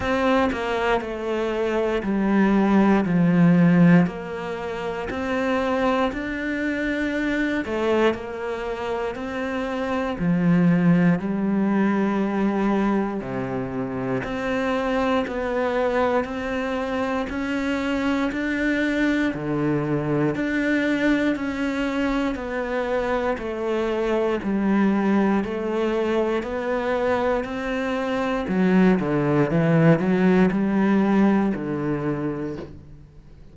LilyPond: \new Staff \with { instrumentName = "cello" } { \time 4/4 \tempo 4 = 59 c'8 ais8 a4 g4 f4 | ais4 c'4 d'4. a8 | ais4 c'4 f4 g4~ | g4 c4 c'4 b4 |
c'4 cis'4 d'4 d4 | d'4 cis'4 b4 a4 | g4 a4 b4 c'4 | fis8 d8 e8 fis8 g4 d4 | }